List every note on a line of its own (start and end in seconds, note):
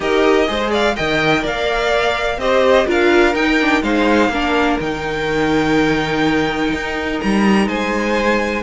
0.00 0.48 D#4
0.00 0.47 G4
0.00 0.48 A#4
0.00 0.72 D#5
0.47 0.97 G#3
0.47 0.95 G#4
0.47 0.70 C5
0.70 0.95 D5
0.70 0.96 F5
0.95 1.44 D#3
0.95 2.40 A#4
0.95 1.41 D#5
0.95 1.44 G5
1.41 2.38 A#3
1.41 2.37 D5
1.41 2.39 F5
2.38 2.86 C4
2.38 2.85 G4
2.38 2.87 C5
2.38 2.87 D#5
2.85 3.34 D4
2.85 3.33 F4
2.85 3.83 A#4
2.85 3.35 F5
3.34 3.82 D#4
3.34 3.58 D#4
3.34 3.83 G5
3.61 3.83 D4
3.82 4.28 G#3
3.82 4.30 D#4
3.82 4.31 C5
3.82 4.79 F5
4.28 4.76 A#3
4.28 4.80 D4
4.28 7.67 A#4
4.79 6.71 D#3
4.79 8.63 D#4
4.79 7.20 G5
6.73 7.21 D#4
7.20 7.67 G3
7.20 7.67 A#5
7.67 8.63 G#3
7.67 8.63 C5
7.67 8.63 G#5